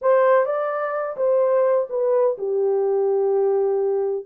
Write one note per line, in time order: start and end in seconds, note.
0.01 0.45 C5
0.45 1.16 D5
1.16 1.87 C5
1.89 2.36 B4
2.38 4.25 G4